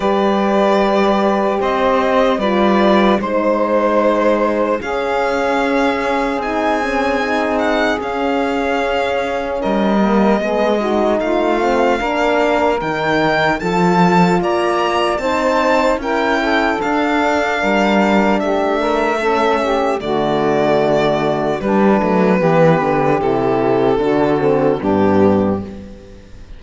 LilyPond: <<
  \new Staff \with { instrumentName = "violin" } { \time 4/4 \tempo 4 = 75 d''2 dis''4 d''4 | c''2 f''2 | gis''4. fis''8 f''2 | dis''2 f''2 |
g''4 a''4 ais''4 a''4 | g''4 f''2 e''4~ | e''4 d''2 b'4~ | b'4 a'2 g'4 | }
  \new Staff \with { instrumentName = "saxophone" } { \time 4/4 b'2 c''4 b'4 | c''2 gis'2~ | gis'1 | ais'4 gis'8 fis'8 f'4 ais'4~ |
ais'4 a'4 d''4 c''4 | ais'8 a'4. ais'4 g'8 ais'8 | a'8 g'8 fis'2 d'4 | g'2 fis'4 d'4 | }
  \new Staff \with { instrumentName = "horn" } { \time 4/4 g'2. f'4 | dis'2 cis'2 | dis'8 cis'8 dis'4 cis'2~ | cis'8 ais8 b8 dis'4 c'8 d'4 |
dis'4 f'2 dis'4 | e'4 d'2. | cis'4 a2 g8 a8 | b4 e'4 d'8 c'8 b4 | }
  \new Staff \with { instrumentName = "cello" } { \time 4/4 g2 c'4 g4 | gis2 cis'2 | c'2 cis'2 | g4 gis4 a4 ais4 |
dis4 f4 ais4 c'4 | cis'4 d'4 g4 a4~ | a4 d2 g8 fis8 | e8 d8 c4 d4 g,4 | }
>>